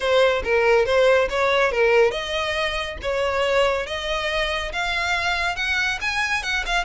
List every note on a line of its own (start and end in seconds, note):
0.00 0.42 C5
0.43 0.85 A#4
0.85 1.28 C5
1.29 1.71 C#5
1.71 2.11 A#4
2.11 2.97 D#5
3.02 3.86 C#5
3.86 4.72 D#5
4.72 5.56 F5
5.56 5.98 F#5
6.01 6.42 G#5
6.42 6.64 F#5
6.65 6.84 F5